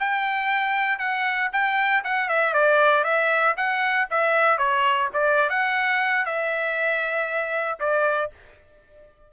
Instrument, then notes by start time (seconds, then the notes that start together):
trumpet
0.00 G5
0.99 F#5
1.52 G5
2.04 F#5
2.29 E5
2.54 D5
3.04 E5
3.57 F#5
4.11 E5
4.58 C#5
5.14 D5
5.50 F#5
6.26 E5
7.80 D5